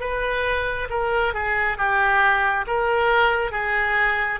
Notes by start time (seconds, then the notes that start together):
0.00 B4
0.89 A#4
1.33 G#4
1.77 G4
2.67 A#4
3.51 G#4